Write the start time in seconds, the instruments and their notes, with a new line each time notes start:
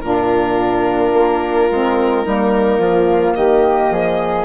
0.00 bassoon A#2, saxophone D4, flute F4, violin A#4
1.13 bassoon A#3
1.71 bassoon G#3, saxophone C4
2.24 bassoon G3, saxophone A#3, flute D#4
2.78 bassoon F3, flute F4
3.34 bassoon D#3, flute G4, violin D#5
3.90 bassoon F3, flute G#4